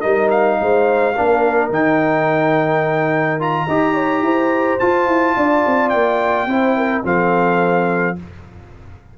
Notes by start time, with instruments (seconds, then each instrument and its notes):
0.00 tuba G3, trombone D#4, horn A#4, trumpet D#5
0.30 trumpet F5
0.61 tuba G#3, horn C5
1.15 tuba A#3, trombone D4, horn A#4
1.69 tuba D#3, trombone D#4, trumpet G5
3.39 trombone F4, trumpet A#5
3.67 tuba D#4, trombone G4, horn D#5
3.94 horn C#5
4.21 tuba E4, horn C5
4.79 trombone F4, tuba F4, trumpet A5
5.07 tuba E4
5.36 tuba D4, horn D5
5.66 tuba C4
5.89 tuba A#3, trumpet G5
6.46 tuba C4, trombone E4, horn C5
6.76 horn A#4
7.03 tuba F3, trombone C4, horn A4, trumpet F5